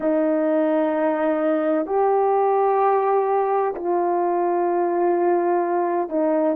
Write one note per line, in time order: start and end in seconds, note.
0.00 1.86 D#4
1.86 3.73 G4
3.75 6.09 F4
6.09 6.55 D#4